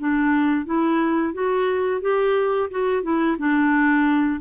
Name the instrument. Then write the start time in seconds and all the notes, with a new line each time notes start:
clarinet
0.00 D4
0.66 E4
1.34 F#4
2.02 G4
2.71 F#4
3.03 E4
3.39 D4